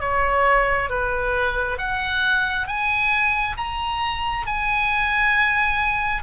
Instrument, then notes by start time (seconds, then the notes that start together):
oboe
0.00 C#5
0.90 B4
1.78 F#5
2.67 G#5
3.57 A#5
4.47 G#5